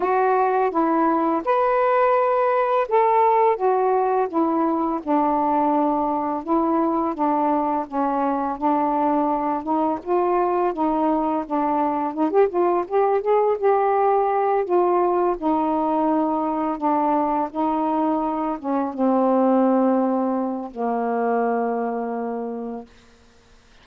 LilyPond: \new Staff \with { instrumentName = "saxophone" } { \time 4/4 \tempo 4 = 84 fis'4 e'4 b'2 | a'4 fis'4 e'4 d'4~ | d'4 e'4 d'4 cis'4 | d'4. dis'8 f'4 dis'4 |
d'4 dis'16 g'16 f'8 g'8 gis'8 g'4~ | g'8 f'4 dis'2 d'8~ | d'8 dis'4. cis'8 c'4.~ | c'4 ais2. | }